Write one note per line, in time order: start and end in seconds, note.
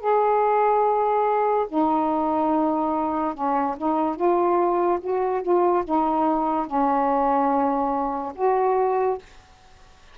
0.00 1.67 G#4
1.69 3.34 D#4
3.34 3.76 C#4
3.78 4.16 D#4
4.16 4.99 F4
5.01 5.42 F#4
5.42 5.84 F4
5.85 6.67 D#4
6.67 8.33 C#4
8.35 9.18 F#4